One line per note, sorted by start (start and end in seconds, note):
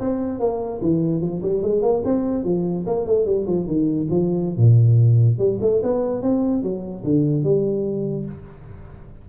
0.00 0.40 C4
0.40 0.80 A#3
0.82 1.21 E3
1.21 1.42 F3
1.42 1.62 G3
1.62 1.82 G#3
1.82 2.02 A#3
2.05 2.44 C4
2.44 2.85 F3
2.86 3.06 A#3
3.06 3.26 A3
3.26 3.46 G3
3.47 3.67 F3
3.67 4.08 D#3
4.10 4.57 F3
4.57 5.38 A#2
5.39 5.59 G3
5.61 5.82 A3
5.83 6.22 B3
6.22 6.63 C4
6.63 7.04 F#3
7.04 7.43 D3
7.43 8.25 G3